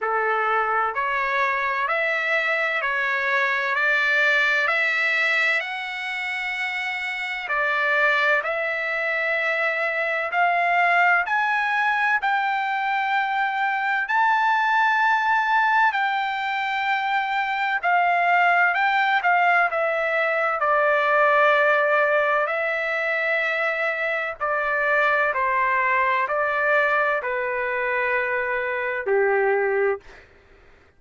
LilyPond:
\new Staff \with { instrumentName = "trumpet" } { \time 4/4 \tempo 4 = 64 a'4 cis''4 e''4 cis''4 | d''4 e''4 fis''2 | d''4 e''2 f''4 | gis''4 g''2 a''4~ |
a''4 g''2 f''4 | g''8 f''8 e''4 d''2 | e''2 d''4 c''4 | d''4 b'2 g'4 | }